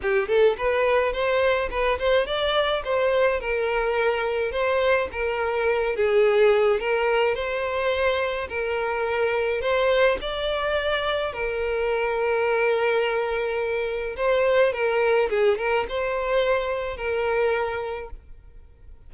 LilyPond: \new Staff \with { instrumentName = "violin" } { \time 4/4 \tempo 4 = 106 g'8 a'8 b'4 c''4 b'8 c''8 | d''4 c''4 ais'2 | c''4 ais'4. gis'4. | ais'4 c''2 ais'4~ |
ais'4 c''4 d''2 | ais'1~ | ais'4 c''4 ais'4 gis'8 ais'8 | c''2 ais'2 | }